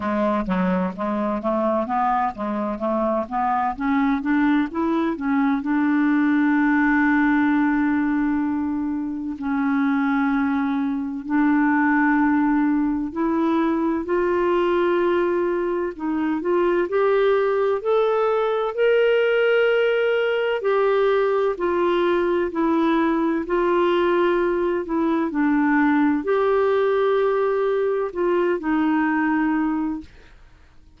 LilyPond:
\new Staff \with { instrumentName = "clarinet" } { \time 4/4 \tempo 4 = 64 gis8 fis8 gis8 a8 b8 gis8 a8 b8 | cis'8 d'8 e'8 cis'8 d'2~ | d'2 cis'2 | d'2 e'4 f'4~ |
f'4 dis'8 f'8 g'4 a'4 | ais'2 g'4 f'4 | e'4 f'4. e'8 d'4 | g'2 f'8 dis'4. | }